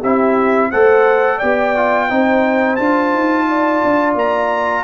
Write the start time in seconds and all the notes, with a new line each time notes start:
0.00 C4 E4 G4 E5
0.71 A3 A4 C5 F#5
1.37 B3 G4 D5 G5
1.77 F4
2.09 C4 D#4 C5
2.76 D4 F4 A5
3.13 D#4
3.49 D5
3.84 D4
4.15 A#3 A#5